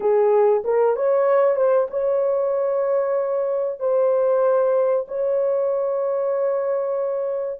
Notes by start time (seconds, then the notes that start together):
0.00 G#4
0.64 A#4
0.96 C#5
1.56 C5
1.90 C#5
3.79 C5
5.08 C#5